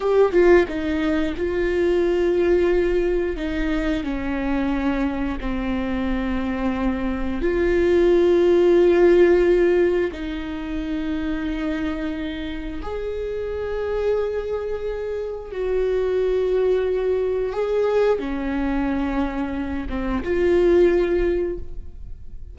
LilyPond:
\new Staff \with { instrumentName = "viola" } { \time 4/4 \tempo 4 = 89 g'8 f'8 dis'4 f'2~ | f'4 dis'4 cis'2 | c'2. f'4~ | f'2. dis'4~ |
dis'2. gis'4~ | gis'2. fis'4~ | fis'2 gis'4 cis'4~ | cis'4. c'8 f'2 | }